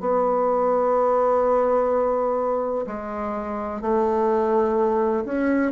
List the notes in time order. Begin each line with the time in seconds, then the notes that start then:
0.00 B3
2.87 G#3
3.81 A3
5.25 C#4